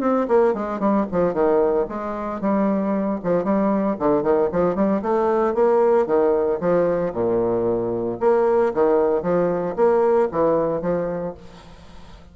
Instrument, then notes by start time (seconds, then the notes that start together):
bassoon
0.00 C4
0.28 A#3
0.54 G#3
0.79 G3
1.11 F3
1.33 D#3
1.88 G#3
2.40 G3
3.23 F3
3.44 G3
3.99 D3
4.22 D#3
4.52 F3
4.75 G3
5.01 A3
5.54 A#3
6.06 D#3
6.60 F3
7.13 A#2
8.20 A#3
8.74 D#3
9.22 F3
9.76 A#3
10.31 E3
10.81 F3